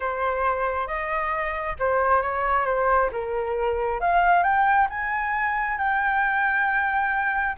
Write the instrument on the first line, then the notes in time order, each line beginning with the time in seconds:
flute
0.00 C5
0.87 D#5
1.79 C5
2.22 C#5
2.65 C5
3.12 A#4
4.00 F5
4.43 G5
4.89 G#5
5.77 G5